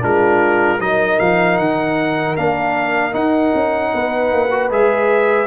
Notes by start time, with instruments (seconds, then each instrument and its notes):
0.00 tuba G#3, trombone D4, horn F4, trumpet A#4
0.80 tuba F#3, trombone D#4, horn A#4, trumpet D#5
1.19 tuba F3, trumpet F5
1.58 tuba D#3, trumpet F#5
2.36 tuba A#3, trombone D4, trumpet F5
3.12 trombone D#4, tuba D#4, trumpet F#5
3.54 tuba C#4
3.94 tuba B3, horn B4
4.32 tuba A#3
4.51 trombone F#4
4.70 tuba G#3, trombone G#4, trumpet E5